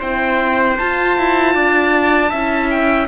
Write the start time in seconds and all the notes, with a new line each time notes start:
0.00 C4 E4 C5 G5
0.79 F4 A5
1.18 E4
1.55 D4 D5
2.30 C#4 E4 E5
2.71 G5